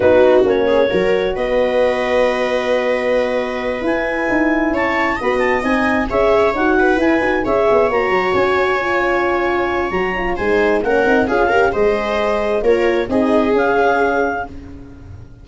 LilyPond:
<<
  \new Staff \with { instrumentName = "clarinet" } { \time 4/4 \tempo 4 = 133 b'4 cis''2 dis''4~ | dis''1~ | dis''8 gis''2 a''4 b''8 | a''8 gis''4 e''4 fis''4 gis''8~ |
gis''8 e''4 ais''4 gis''4.~ | gis''2 ais''4 gis''4 | fis''4 f''4 dis''2 | cis''4 dis''4 f''2 | }
  \new Staff \with { instrumentName = "viola" } { \time 4/4 fis'4. gis'8 ais'4 b'4~ | b'1~ | b'2~ b'8 cis''4 dis''8~ | dis''4. cis''4. b'4~ |
b'8 cis''2.~ cis''8~ | cis''2. c''4 | ais'4 gis'8 ais'8 c''2 | ais'4 gis'2. | }
  \new Staff \with { instrumentName = "horn" } { \time 4/4 dis'4 cis'4 fis'2~ | fis'1~ | fis'8 e'2. fis'8~ | fis'8 dis'4 gis'4 fis'4 e'8 |
fis'8 gis'4 fis'2 f'8~ | f'2 fis'8 f'8 dis'4 | cis'8 dis'8 f'8 g'8 gis'2 | f'4 dis'4 cis'2 | }
  \new Staff \with { instrumentName = "tuba" } { \time 4/4 b4 ais4 fis4 b4~ | b1~ | b8 e'4 dis'4 cis'4 b8~ | b8 c'4 cis'4 dis'4 e'8 |
dis'8 cis'8 b8 ais8 fis8 cis'4.~ | cis'2 fis4 gis4 | ais8 c'8 cis'4 gis2 | ais4 c'4 cis'2 | }
>>